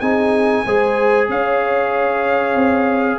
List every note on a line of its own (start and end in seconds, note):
0.00 0.65 C4
0.00 0.66 D#4
0.00 0.65 G#4
0.00 1.28 G#5
0.66 1.29 G#3
0.66 3.19 G#4
0.66 1.30 C5
1.29 2.55 C#4
1.29 3.19 C#5
1.29 3.19 F5
2.55 3.19 C4